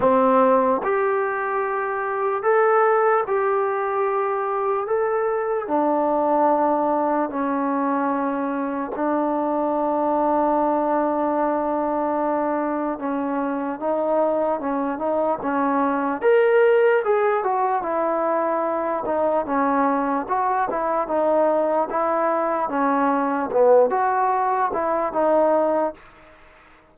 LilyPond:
\new Staff \with { instrumentName = "trombone" } { \time 4/4 \tempo 4 = 74 c'4 g'2 a'4 | g'2 a'4 d'4~ | d'4 cis'2 d'4~ | d'1 |
cis'4 dis'4 cis'8 dis'8 cis'4 | ais'4 gis'8 fis'8 e'4. dis'8 | cis'4 fis'8 e'8 dis'4 e'4 | cis'4 b8 fis'4 e'8 dis'4 | }